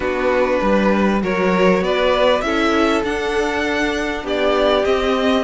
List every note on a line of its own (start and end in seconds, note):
0.00 0.59 B3
0.00 1.18 D4
0.00 0.60 F#4
0.00 1.20 B4
0.61 1.21 G3
0.61 1.22 B4
1.21 1.81 F#3
1.21 2.42 F#4
1.21 1.83 A#4
1.21 1.83 C#5
1.81 2.41 B3
1.81 2.44 B4
1.81 2.41 D5
2.41 3.02 C#4
2.41 3.04 E4
2.41 4.23 A4
2.41 3.01 E5
3.03 4.23 D4
3.03 4.83 D4
3.03 4.26 F#5
4.23 4.84 B3
4.23 5.44 G4
4.23 4.85 D5
4.83 5.44 C4
4.83 5.44 D#5